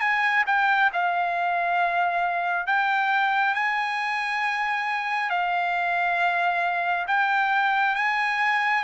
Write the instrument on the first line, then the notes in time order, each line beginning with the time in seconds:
trumpet
0.00 G#5
0.47 G5
0.93 F5
2.66 G5
3.55 G#5
5.30 F5
7.07 G5
7.95 G#5